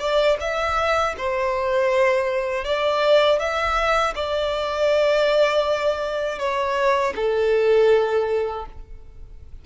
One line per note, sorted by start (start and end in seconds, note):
0.00 0.38 D5
0.41 1.16 E5
1.18 2.65 C5
2.65 3.40 D5
3.40 4.15 E5
4.16 6.39 D5
6.39 7.14 C#5
7.16 8.66 A4